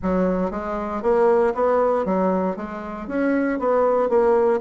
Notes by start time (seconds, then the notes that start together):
0.02 F#3
0.51 G#3
1.02 A#3
1.54 B3
2.05 F#3
2.56 G#3
3.07 C#4
3.59 B3
4.09 A#3